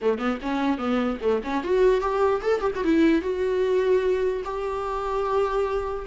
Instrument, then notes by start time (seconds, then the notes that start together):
viola
0.01 A3
0.18 B3
0.41 C#4
0.78 B3
1.21 A3
1.43 C#4
1.63 F#4
2.01 G4
2.41 A4
2.61 G4
2.75 F#4
2.84 E4
3.21 F#4
4.44 G4